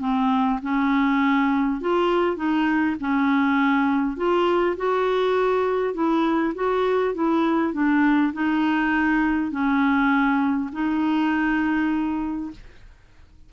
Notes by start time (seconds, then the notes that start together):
0.00 C4
0.62 C#4
1.81 F4
2.37 D#4
3.00 C#4
4.17 F4
4.77 F#4
5.94 E4
6.55 F#4
7.14 E4
7.73 D4
8.33 D#4
9.51 C#4
10.73 D#4